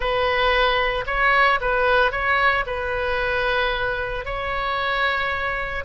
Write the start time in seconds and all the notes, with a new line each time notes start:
0.00 B4
1.06 C#5
1.60 B4
2.11 C#5
2.66 B4
4.25 C#5